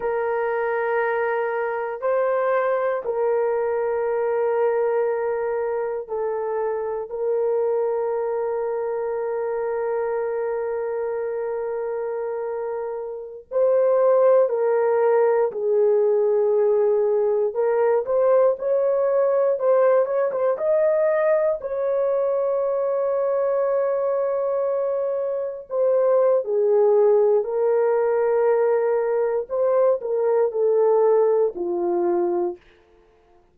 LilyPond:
\new Staff \with { instrumentName = "horn" } { \time 4/4 \tempo 4 = 59 ais'2 c''4 ais'4~ | ais'2 a'4 ais'4~ | ais'1~ | ais'4~ ais'16 c''4 ais'4 gis'8.~ |
gis'4~ gis'16 ais'8 c''8 cis''4 c''8 cis''16 | c''16 dis''4 cis''2~ cis''8.~ | cis''4~ cis''16 c''8. gis'4 ais'4~ | ais'4 c''8 ais'8 a'4 f'4 | }